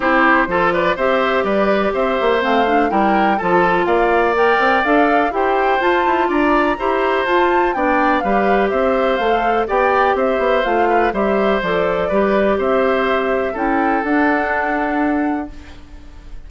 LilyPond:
<<
  \new Staff \with { instrumentName = "flute" } { \time 4/4 \tempo 4 = 124 c''4. d''8 e''4 d''4 | e''4 f''4 g''4 a''4 | f''4 g''4 f''4 g''4 | a''4 ais''2 a''4 |
g''4 f''4 e''4 f''4 | g''4 e''4 f''4 e''4 | d''2 e''2 | g''4 fis''2. | }
  \new Staff \with { instrumentName = "oboe" } { \time 4/4 g'4 a'8 b'8 c''4 b'4 | c''2 ais'4 a'4 | d''2. c''4~ | c''4 d''4 c''2 |
d''4 b'4 c''2 | d''4 c''4. b'8 c''4~ | c''4 b'4 c''2 | a'1 | }
  \new Staff \with { instrumentName = "clarinet" } { \time 4/4 e'4 f'4 g'2~ | g'4 c'8 d'8 e'4 f'4~ | f'4 ais'4 a'4 g'4 | f'2 g'4 f'4 |
d'4 g'2 a'4 | g'2 f'4 g'4 | a'4 g'2. | e'4 d'2. | }
  \new Staff \with { instrumentName = "bassoon" } { \time 4/4 c'4 f4 c'4 g4 | c'8 ais8 a4 g4 f4 | ais4. c'8 d'4 e'4 | f'8 e'8 d'4 e'4 f'4 |
b4 g4 c'4 a4 | b4 c'8 b8 a4 g4 | f4 g4 c'2 | cis'4 d'2. | }
>>